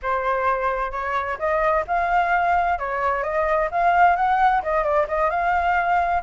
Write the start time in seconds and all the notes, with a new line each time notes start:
0.02 C5
0.91 C#5
1.38 D#5
1.87 F5
2.78 C#5
3.23 D#5
3.71 F5
4.15 F#5
4.62 D#5
4.83 D5
5.07 D#5
5.30 F5